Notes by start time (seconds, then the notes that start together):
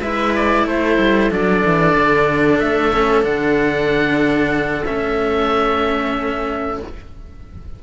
0.00 G#3 E4 B4 E5
0.35 D5
0.65 A3 A4 C5
0.98 G3
1.31 F#3 D4 D5
1.65 E3
1.95 D3
2.58 A3 E5
2.93 C#4
3.22 D3 D4 F#5
4.85 A3 C#4 E5